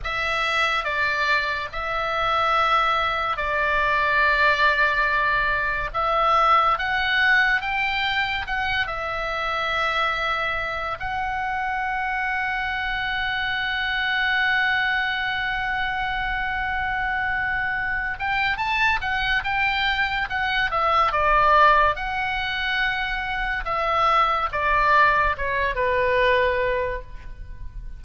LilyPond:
\new Staff \with { instrumentName = "oboe" } { \time 4/4 \tempo 4 = 71 e''4 d''4 e''2 | d''2. e''4 | fis''4 g''4 fis''8 e''4.~ | e''4 fis''2.~ |
fis''1~ | fis''4. g''8 a''8 fis''8 g''4 | fis''8 e''8 d''4 fis''2 | e''4 d''4 cis''8 b'4. | }